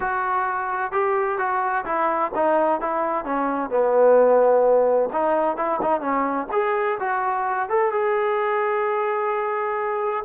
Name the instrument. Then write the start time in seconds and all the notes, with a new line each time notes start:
trombone
0.00 F#4
0.92 G4
1.38 F#4
1.85 E4
2.35 D#4
2.80 E4
3.25 C#4
3.70 B3
5.12 D#4
5.56 E4
5.81 D#4
6.00 C#4
6.52 G#4
6.99 F#4
7.68 A4
7.92 G#4